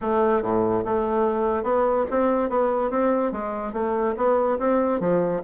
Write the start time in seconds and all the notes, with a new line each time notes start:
0.01 A3
0.42 A2
0.84 A3
1.63 B3
2.10 C4
2.49 B3
2.90 C4
3.32 G#3
3.73 A3
4.16 B3
4.58 C4
5.00 F3